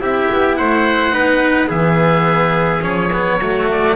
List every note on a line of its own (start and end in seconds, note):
0.00 0.29 C4
0.00 1.12 E4
0.00 0.58 G4
0.00 0.57 E5
0.32 0.60 B3
0.57 1.13 A3
0.57 1.15 C5
0.57 1.70 F#5
1.12 1.70 B3
1.12 1.67 D#4
1.12 1.68 B4
1.67 2.83 E3
1.67 2.80 B3
1.67 3.38 G#4
1.67 2.83 E5
2.81 3.39 F3
2.81 3.10 C#4
2.81 3.68 C#5
3.13 3.41 B3
3.39 3.96 F#3
3.39 3.96 A3
3.39 3.96 F#4
3.71 3.96 D5